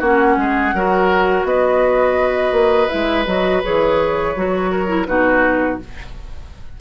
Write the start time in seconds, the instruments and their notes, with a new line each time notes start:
0.00 bassoon A#3, clarinet C#4, oboe F#4, flute F#5
0.37 bassoon G#3, oboe G#4
0.74 bassoon F#3, clarinet F#4, oboe A#4
1.44 bassoon B3, oboe B4, flute D#5
2.52 bassoon A#3
2.89 bassoon G#3, clarinet E4, flute E5
3.27 bassoon F#3, clarinet F#4, flute D#5
3.64 bassoon E3, clarinet G#4, flute C#5
4.36 bassoon F#3, clarinet F#4
4.71 oboe A#4
4.87 clarinet E4
5.06 bassoon B2, clarinet D#4, oboe F#4, flute B4